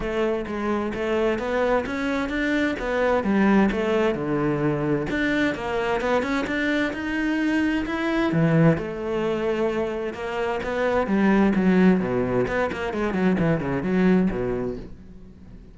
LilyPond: \new Staff \with { instrumentName = "cello" } { \time 4/4 \tempo 4 = 130 a4 gis4 a4 b4 | cis'4 d'4 b4 g4 | a4 d2 d'4 | ais4 b8 cis'8 d'4 dis'4~ |
dis'4 e'4 e4 a4~ | a2 ais4 b4 | g4 fis4 b,4 b8 ais8 | gis8 fis8 e8 cis8 fis4 b,4 | }